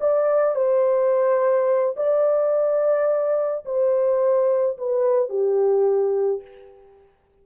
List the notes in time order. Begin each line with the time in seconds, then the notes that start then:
0.00 D5
0.55 C5
1.96 D5
3.65 C5
4.78 B4
5.29 G4